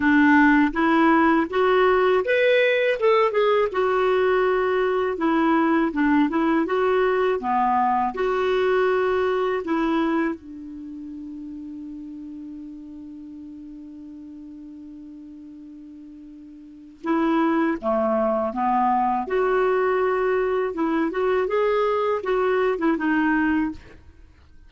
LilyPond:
\new Staff \with { instrumentName = "clarinet" } { \time 4/4 \tempo 4 = 81 d'4 e'4 fis'4 b'4 | a'8 gis'8 fis'2 e'4 | d'8 e'8 fis'4 b4 fis'4~ | fis'4 e'4 d'2~ |
d'1~ | d'2. e'4 | a4 b4 fis'2 | e'8 fis'8 gis'4 fis'8. e'16 dis'4 | }